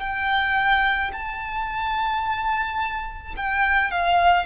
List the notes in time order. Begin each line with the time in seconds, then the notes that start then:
0.00 G5
1.13 A5
3.37 G5
3.91 F5